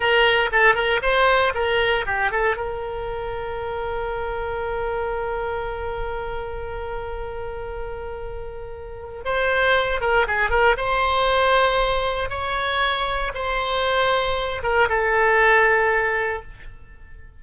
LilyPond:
\new Staff \with { instrumentName = "oboe" } { \time 4/4 \tempo 4 = 117 ais'4 a'8 ais'8 c''4 ais'4 | g'8 a'8 ais'2.~ | ais'1~ | ais'1~ |
ais'2 c''4. ais'8 | gis'8 ais'8 c''2. | cis''2 c''2~ | c''8 ais'8 a'2. | }